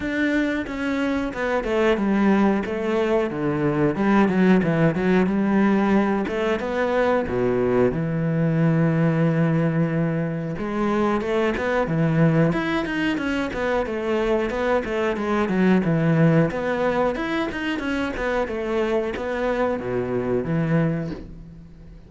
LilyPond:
\new Staff \with { instrumentName = "cello" } { \time 4/4 \tempo 4 = 91 d'4 cis'4 b8 a8 g4 | a4 d4 g8 fis8 e8 fis8 | g4. a8 b4 b,4 | e1 |
gis4 a8 b8 e4 e'8 dis'8 | cis'8 b8 a4 b8 a8 gis8 fis8 | e4 b4 e'8 dis'8 cis'8 b8 | a4 b4 b,4 e4 | }